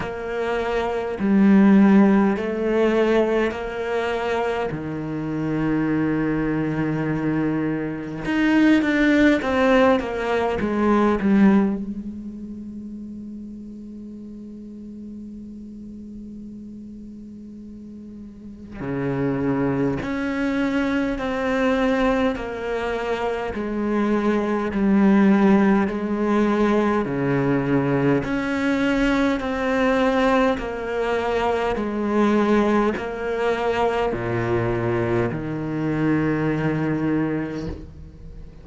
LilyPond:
\new Staff \with { instrumentName = "cello" } { \time 4/4 \tempo 4 = 51 ais4 g4 a4 ais4 | dis2. dis'8 d'8 | c'8 ais8 gis8 g8 gis2~ | gis1 |
cis4 cis'4 c'4 ais4 | gis4 g4 gis4 cis4 | cis'4 c'4 ais4 gis4 | ais4 ais,4 dis2 | }